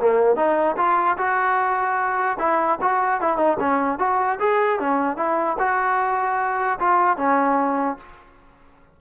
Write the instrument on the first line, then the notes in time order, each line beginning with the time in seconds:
trombone
0.00 A#3
0.37 D#4
0.77 F4
1.18 F#4
2.39 E4
2.82 F#4
3.21 E4
3.38 D#4
3.60 C#4
3.99 F#4
4.40 G#4
4.80 C#4
5.17 E4
5.59 F#4
6.80 F4
7.18 C#4